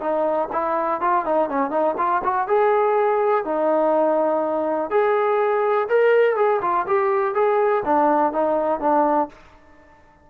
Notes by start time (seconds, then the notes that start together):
0.00 D#4
0.52 E4
1.01 F4
1.25 D#4
1.49 C#4
1.71 D#4
1.97 F4
2.24 F#4
2.48 G#4
3.45 D#4
4.90 G#4
5.88 A#4
6.36 G#4
6.61 F4
6.87 G4
7.34 G#4
7.85 D4
8.32 D#4
8.80 D4